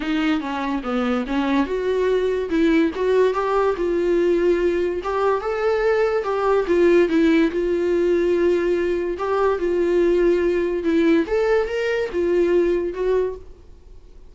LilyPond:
\new Staff \with { instrumentName = "viola" } { \time 4/4 \tempo 4 = 144 dis'4 cis'4 b4 cis'4 | fis'2 e'4 fis'4 | g'4 f'2. | g'4 a'2 g'4 |
f'4 e'4 f'2~ | f'2 g'4 f'4~ | f'2 e'4 a'4 | ais'4 f'2 fis'4 | }